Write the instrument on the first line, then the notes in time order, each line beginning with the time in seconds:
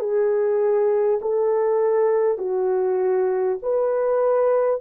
horn
0.00 G#4
1.22 A4
2.38 F#4
3.63 B4